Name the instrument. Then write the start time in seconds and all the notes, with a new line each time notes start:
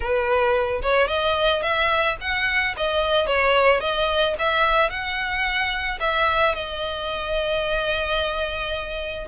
violin
0.00 B4
0.82 C#5
1.07 D#5
1.62 E5
2.20 F#5
2.76 D#5
3.26 C#5
3.80 D#5
4.39 E5
4.89 F#5
6.00 E5
6.54 D#5